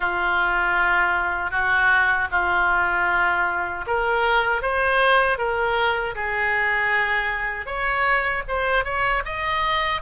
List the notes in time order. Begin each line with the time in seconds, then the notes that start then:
0.00 F4
1.50 F#4
2.31 F4
3.86 A#4
4.62 C5
5.38 A#4
6.15 G#4
7.65 C#5
8.48 C5
8.84 C#5
9.25 D#5